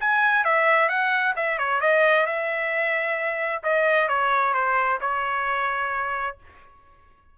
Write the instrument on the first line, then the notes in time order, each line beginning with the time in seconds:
trumpet
0.00 G#5
0.45 E5
0.89 F#5
1.36 E5
1.58 C#5
1.81 D#5
2.26 E5
3.63 D#5
4.08 C#5
4.54 C5
5.01 C#5